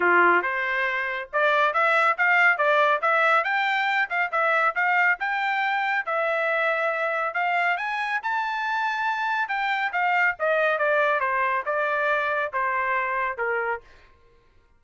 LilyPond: \new Staff \with { instrumentName = "trumpet" } { \time 4/4 \tempo 4 = 139 f'4 c''2 d''4 | e''4 f''4 d''4 e''4 | g''4. f''8 e''4 f''4 | g''2 e''2~ |
e''4 f''4 gis''4 a''4~ | a''2 g''4 f''4 | dis''4 d''4 c''4 d''4~ | d''4 c''2 ais'4 | }